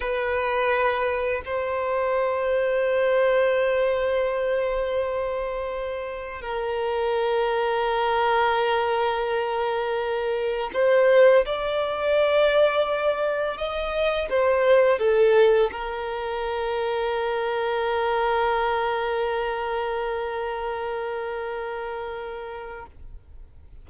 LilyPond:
\new Staff \with { instrumentName = "violin" } { \time 4/4 \tempo 4 = 84 b'2 c''2~ | c''1~ | c''4 ais'2.~ | ais'2. c''4 |
d''2. dis''4 | c''4 a'4 ais'2~ | ais'1~ | ais'1 | }